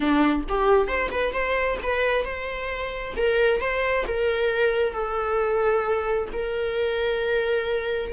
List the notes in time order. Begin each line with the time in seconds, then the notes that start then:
0.00 D4
0.48 G4
0.87 C5
1.11 B4
1.33 C5
1.82 B4
2.24 C5
3.17 A#4
3.60 C5
4.07 A#4
4.93 A4
6.33 A#4